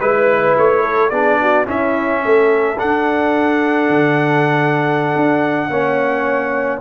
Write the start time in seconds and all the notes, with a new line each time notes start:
0.00 G#3 E4 B4
0.58 A3 C#5
0.82 A4
1.10 B3 D4 G#4 D5
1.41 F#4
1.66 C#4 E4 E5
2.25 A3 A4
2.78 D4 F#5
3.89 D3
5.16 D4
5.69 A#3 C#4 C#5